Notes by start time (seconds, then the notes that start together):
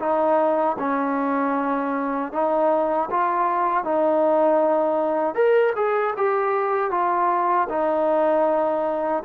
0.00 D#4
0.79 C#4
2.33 D#4
3.10 F4
3.84 D#4
5.35 A#4
5.76 G#4
6.17 G4
6.91 F4
7.69 D#4